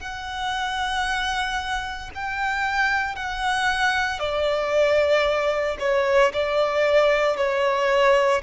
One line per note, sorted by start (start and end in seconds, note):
0.00 2.11 F#5
2.15 3.15 G5
3.15 4.19 F#5
4.19 5.77 D5
5.80 6.33 C#5
6.33 7.37 D5
7.37 8.42 C#5